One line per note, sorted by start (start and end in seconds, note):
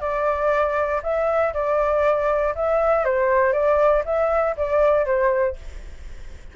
0.00 1.01 D5
1.02 1.53 E5
1.53 2.54 D5
2.55 3.05 E5
3.05 3.52 C5
3.52 4.03 D5
4.05 4.55 E5
4.57 5.05 D5
5.05 5.56 C5